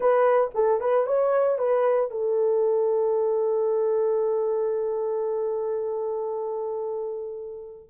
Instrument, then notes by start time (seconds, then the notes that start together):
horn
0.00 B4
0.54 A4
0.80 B4
1.06 C#5
1.58 B4
2.10 A4